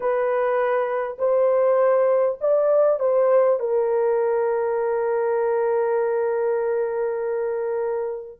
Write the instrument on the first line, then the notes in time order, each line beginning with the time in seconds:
horn
0.00 B4
1.18 C5
2.40 D5
2.99 C5
3.59 A#4